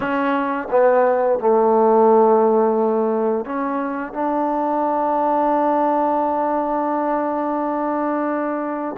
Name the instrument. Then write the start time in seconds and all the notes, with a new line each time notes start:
trombone
0.00 C#4
0.70 B3
1.39 A3
3.45 C#4
4.13 D4